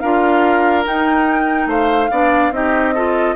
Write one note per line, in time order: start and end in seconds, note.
0.00 0.86 D4
0.00 0.84 F4
0.00 1.69 A#4
0.00 0.83 F5
0.84 2.09 D#4
0.84 1.67 D#4
0.84 1.70 G5
1.67 2.08 A3
1.67 2.11 C5
1.67 2.54 F5
2.11 2.51 B3
2.11 2.53 D4
2.11 2.53 D5
2.51 3.35 C4
2.51 2.95 D#4
2.51 2.95 G4
2.51 3.36 D#5
2.95 3.36 F4
2.95 3.36 A4